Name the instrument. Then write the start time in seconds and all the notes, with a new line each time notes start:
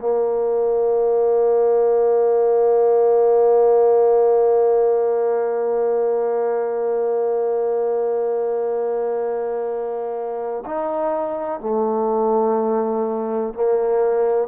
trombone
0.00 A#3
10.66 D#4
11.60 A3
13.54 A#3